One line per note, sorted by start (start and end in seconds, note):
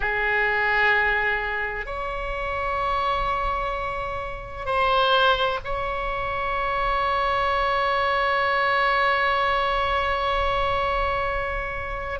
0.00 1.86 G#4
1.86 4.65 C#5
4.65 5.59 C5
5.64 12.19 C#5